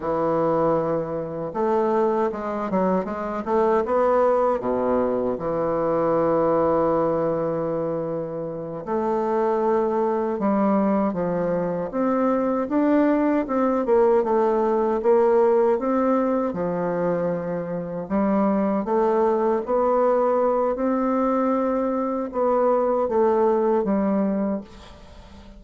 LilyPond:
\new Staff \with { instrumentName = "bassoon" } { \time 4/4 \tempo 4 = 78 e2 a4 gis8 fis8 | gis8 a8 b4 b,4 e4~ | e2.~ e8 a8~ | a4. g4 f4 c'8~ |
c'8 d'4 c'8 ais8 a4 ais8~ | ais8 c'4 f2 g8~ | g8 a4 b4. c'4~ | c'4 b4 a4 g4 | }